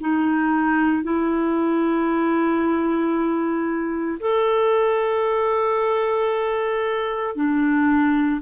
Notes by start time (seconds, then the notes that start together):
0.00 D#4
1.03 E4
4.20 A4
7.35 D4